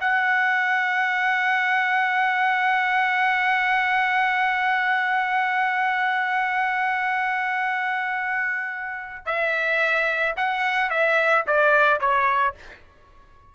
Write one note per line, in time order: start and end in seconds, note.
0.00 9.26 F#5
9.26 10.35 E5
10.36 10.90 F#5
10.90 11.44 E5
11.47 12.00 D5
12.00 12.55 C#5